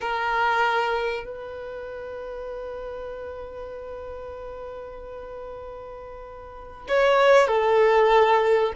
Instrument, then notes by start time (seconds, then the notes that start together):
violin
0.01 A#4
1.24 B4
6.88 C#5
7.47 A4